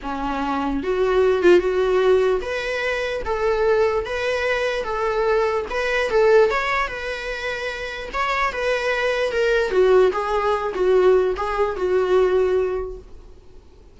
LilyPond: \new Staff \with { instrumentName = "viola" } { \time 4/4 \tempo 4 = 148 cis'2 fis'4. f'8 | fis'2 b'2 | a'2 b'2 | a'2 b'4 a'4 |
cis''4 b'2. | cis''4 b'2 ais'4 | fis'4 gis'4. fis'4. | gis'4 fis'2. | }